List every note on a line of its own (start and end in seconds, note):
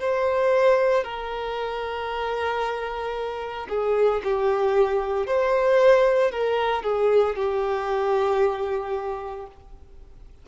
0.00 1.04 C5
1.04 3.67 A#4
3.69 4.22 G#4
4.24 5.27 G4
5.27 6.32 C5
6.32 6.83 A#4
6.83 7.36 G#4
7.36 9.46 G4